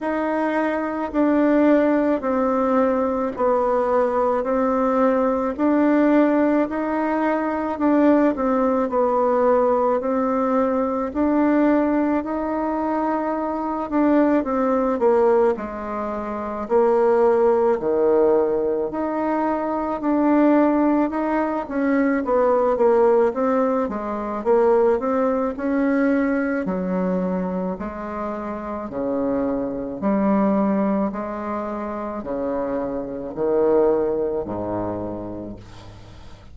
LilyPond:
\new Staff \with { instrumentName = "bassoon" } { \time 4/4 \tempo 4 = 54 dis'4 d'4 c'4 b4 | c'4 d'4 dis'4 d'8 c'8 | b4 c'4 d'4 dis'4~ | dis'8 d'8 c'8 ais8 gis4 ais4 |
dis4 dis'4 d'4 dis'8 cis'8 | b8 ais8 c'8 gis8 ais8 c'8 cis'4 | fis4 gis4 cis4 g4 | gis4 cis4 dis4 gis,4 | }